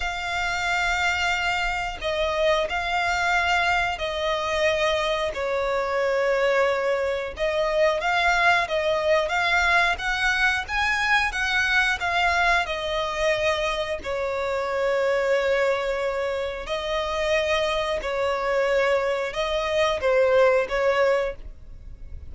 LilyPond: \new Staff \with { instrumentName = "violin" } { \time 4/4 \tempo 4 = 90 f''2. dis''4 | f''2 dis''2 | cis''2. dis''4 | f''4 dis''4 f''4 fis''4 |
gis''4 fis''4 f''4 dis''4~ | dis''4 cis''2.~ | cis''4 dis''2 cis''4~ | cis''4 dis''4 c''4 cis''4 | }